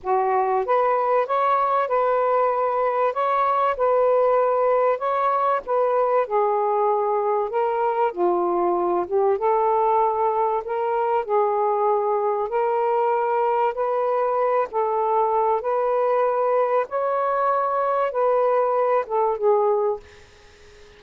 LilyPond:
\new Staff \with { instrumentName = "saxophone" } { \time 4/4 \tempo 4 = 96 fis'4 b'4 cis''4 b'4~ | b'4 cis''4 b'2 | cis''4 b'4 gis'2 | ais'4 f'4. g'8 a'4~ |
a'4 ais'4 gis'2 | ais'2 b'4. a'8~ | a'4 b'2 cis''4~ | cis''4 b'4. a'8 gis'4 | }